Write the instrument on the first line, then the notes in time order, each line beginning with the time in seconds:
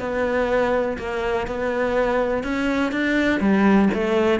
cello
0.00 B3
0.98 A#3
1.47 B3
2.43 C#4
2.92 D4
3.40 G3
3.94 A3